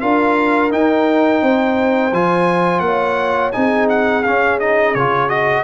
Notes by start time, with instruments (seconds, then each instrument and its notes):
0.00 tuba D4, trombone F4, horn A#4, trumpet F5
0.70 trombone D#4, tuba D#4, trumpet G5
1.42 tuba C4, horn C5
2.12 tuba F3, trombone F4, trumpet G#5
2.80 tuba A#3, horn C#5, trumpet F#5
3.52 tuba C4, trombone D#4, horn G#4, trumpet G#5
3.89 trumpet F#5
4.23 trombone C#4, tuba C#4, trumpet F5
4.59 trombone D#4, trumpet D#5
4.94 tuba C#3, trombone F4, trumpet C#5
5.29 trombone F#4, trumpet D#5